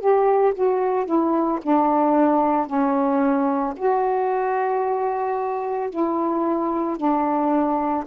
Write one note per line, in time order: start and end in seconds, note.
0.00 0.54 G4
0.54 1.05 F#4
1.05 1.59 E4
1.62 2.66 D4
2.66 3.74 C#4
3.76 5.90 F#4
5.90 6.97 E4
6.97 8.04 D4